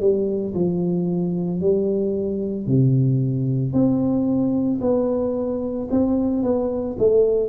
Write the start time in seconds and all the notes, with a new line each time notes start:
0.00 G3
0.55 F3
1.61 G3
2.67 C3
3.73 C4
4.81 B3
5.91 C4
6.43 B3
6.99 A3